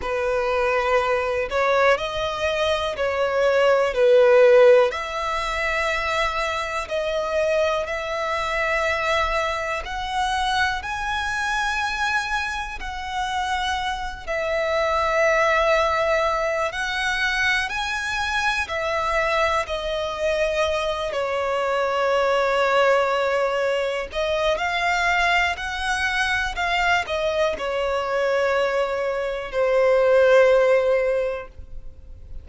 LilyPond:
\new Staff \with { instrumentName = "violin" } { \time 4/4 \tempo 4 = 61 b'4. cis''8 dis''4 cis''4 | b'4 e''2 dis''4 | e''2 fis''4 gis''4~ | gis''4 fis''4. e''4.~ |
e''4 fis''4 gis''4 e''4 | dis''4. cis''2~ cis''8~ | cis''8 dis''8 f''4 fis''4 f''8 dis''8 | cis''2 c''2 | }